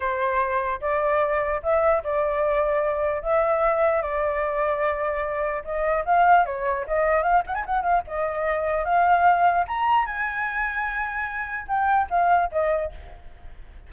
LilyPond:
\new Staff \with { instrumentName = "flute" } { \time 4/4 \tempo 4 = 149 c''2 d''2 | e''4 d''2. | e''2 d''2~ | d''2 dis''4 f''4 |
cis''4 dis''4 f''8 fis''16 gis''16 fis''8 f''8 | dis''2 f''2 | ais''4 gis''2.~ | gis''4 g''4 f''4 dis''4 | }